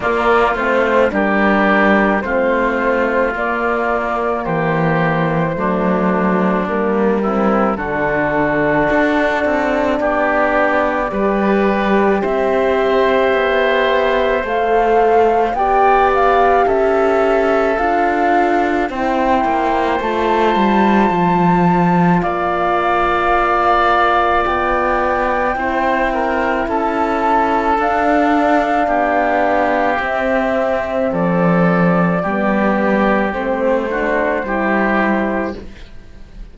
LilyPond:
<<
  \new Staff \with { instrumentName = "flute" } { \time 4/4 \tempo 4 = 54 d''8 c''8 ais'4 c''4 d''4 | c''2 ais'4 a'4~ | a'4 d''2 e''4~ | e''4 f''4 g''8 f''8 e''4 |
f''4 g''4 a''2 | f''2 g''2 | a''4 f''2 e''4 | d''2 c''2 | }
  \new Staff \with { instrumentName = "oboe" } { \time 4/4 f'4 g'4 f'2 | g'4 d'4. e'8 fis'4~ | fis'4 g'4 b'4 c''4~ | c''2 d''4 a'4~ |
a'4 c''2. | d''2. c''8 ais'8 | a'2 g'2 | a'4 g'4. fis'8 g'4 | }
  \new Staff \with { instrumentName = "horn" } { \time 4/4 ais8 c'8 d'4 c'4 ais4~ | ais4 a4 ais8 c'8 d'4~ | d'2 g'2~ | g'4 a'4 g'2 |
f'4 e'4 f'2~ | f'2. e'4~ | e'4 d'2 c'4~ | c'4 b4 c'8 d'8 e'4 | }
  \new Staff \with { instrumentName = "cello" } { \time 4/4 ais8 a8 g4 a4 ais4 | e4 fis4 g4 d4 | d'8 c'8 b4 g4 c'4 | b4 a4 b4 cis'4 |
d'4 c'8 ais8 a8 g8 f4 | ais2 b4 c'4 | cis'4 d'4 b4 c'4 | f4 g4 a4 g4 | }
>>